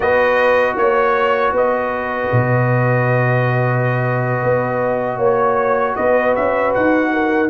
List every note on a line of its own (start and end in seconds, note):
0.00 0.76 B3
0.00 7.49 F#4
0.00 0.78 B4
0.00 0.76 D#5
0.76 1.52 A#3
0.76 1.54 C#5
1.52 2.29 B3
1.52 5.16 B4
1.52 5.22 D#5
2.31 4.42 B2
4.42 5.17 B3
5.16 5.94 A#3
5.16 5.92 C#5
5.24 5.95 C#5
5.95 6.36 B3
5.95 7.11 B4
5.95 6.34 D#5
6.35 6.75 C#4
6.35 6.73 E5
6.74 7.49 D#4
6.74 7.49 F#5
7.12 7.49 A#4